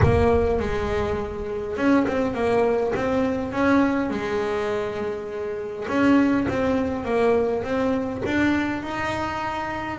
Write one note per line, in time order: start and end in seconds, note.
0.02 0.59 A#3
0.59 1.76 G#3
1.76 2.06 C#4
2.07 2.34 C4
2.34 2.93 A#3
2.95 3.52 C4
3.52 4.09 C#4
4.09 5.86 G#3
5.88 6.47 C#4
6.48 7.05 C4
7.05 7.63 A#3
7.63 8.22 C4
8.25 8.82 D4
8.82 9.98 D#4